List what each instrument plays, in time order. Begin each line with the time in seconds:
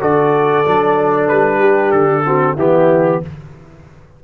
0.00 tuba D3, trombone F#4, horn A4, trumpet D5
0.65 tuba F#3, trombone D4
1.28 tuba G3, trumpet B4
1.59 horn G4
1.92 tuba D3, trumpet A4
2.25 trombone C4, horn F#4
2.57 tuba E3, trombone B3, horn E4, trumpet G4